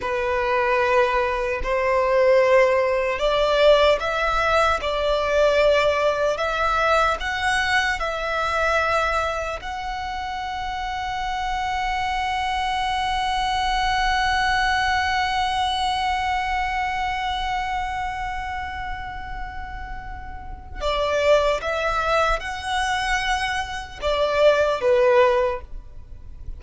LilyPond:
\new Staff \with { instrumentName = "violin" } { \time 4/4 \tempo 4 = 75 b'2 c''2 | d''4 e''4 d''2 | e''4 fis''4 e''2 | fis''1~ |
fis''1~ | fis''1~ | fis''2 d''4 e''4 | fis''2 d''4 b'4 | }